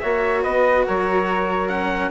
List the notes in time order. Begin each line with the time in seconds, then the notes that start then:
0.00 A#3 F#4 C#5 E5
0.44 B3 B4 D#5
0.86 F#3 A#4 C#5
1.69 C#4 F#5